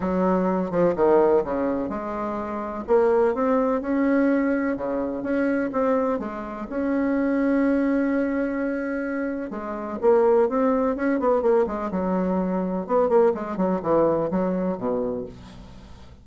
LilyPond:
\new Staff \with { instrumentName = "bassoon" } { \time 4/4 \tempo 4 = 126 fis4. f8 dis4 cis4 | gis2 ais4 c'4 | cis'2 cis4 cis'4 | c'4 gis4 cis'2~ |
cis'1 | gis4 ais4 c'4 cis'8 b8 | ais8 gis8 fis2 b8 ais8 | gis8 fis8 e4 fis4 b,4 | }